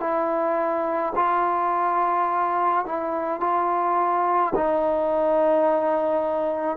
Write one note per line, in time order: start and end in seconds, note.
0.00 1.13 E4
1.16 2.86 F4
2.86 3.40 E4
3.40 4.53 F4
4.55 6.77 D#4